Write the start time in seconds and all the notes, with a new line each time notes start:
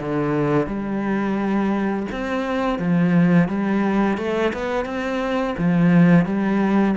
0.00 D3
0.67 G3
2.12 C4
2.79 F3
3.49 G3
4.18 A3
4.53 B3
4.85 C4
5.58 F3
6.25 G3